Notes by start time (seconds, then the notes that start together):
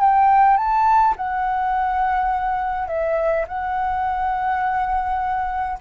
0.00 G5
0.57 A5
1.16 F#5
2.87 E5
3.48 F#5